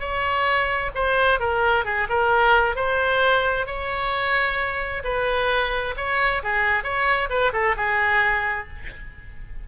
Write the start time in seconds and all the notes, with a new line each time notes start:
0.00 C#5
0.95 C5
1.40 A#4
1.85 G#4
2.09 A#4
2.76 C5
3.67 C#5
5.04 B4
5.97 C#5
6.43 G#4
6.83 C#5
7.29 B4
7.53 A4
7.77 G#4